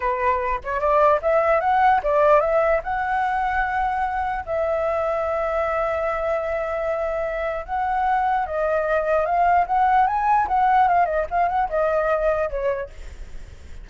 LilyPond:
\new Staff \with { instrumentName = "flute" } { \time 4/4 \tempo 4 = 149 b'4. cis''8 d''4 e''4 | fis''4 d''4 e''4 fis''4~ | fis''2. e''4~ | e''1~ |
e''2. fis''4~ | fis''4 dis''2 f''4 | fis''4 gis''4 fis''4 f''8 dis''8 | f''8 fis''8 dis''2 cis''4 | }